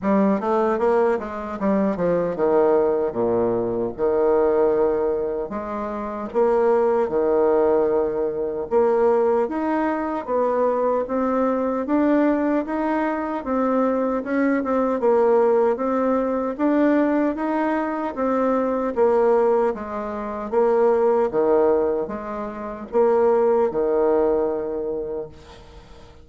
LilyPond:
\new Staff \with { instrumentName = "bassoon" } { \time 4/4 \tempo 4 = 76 g8 a8 ais8 gis8 g8 f8 dis4 | ais,4 dis2 gis4 | ais4 dis2 ais4 | dis'4 b4 c'4 d'4 |
dis'4 c'4 cis'8 c'8 ais4 | c'4 d'4 dis'4 c'4 | ais4 gis4 ais4 dis4 | gis4 ais4 dis2 | }